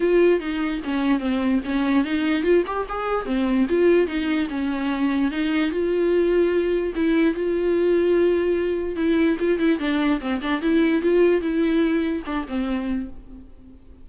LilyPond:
\new Staff \with { instrumentName = "viola" } { \time 4/4 \tempo 4 = 147 f'4 dis'4 cis'4 c'4 | cis'4 dis'4 f'8 g'8 gis'4 | c'4 f'4 dis'4 cis'4~ | cis'4 dis'4 f'2~ |
f'4 e'4 f'2~ | f'2 e'4 f'8 e'8 | d'4 c'8 d'8 e'4 f'4 | e'2 d'8 c'4. | }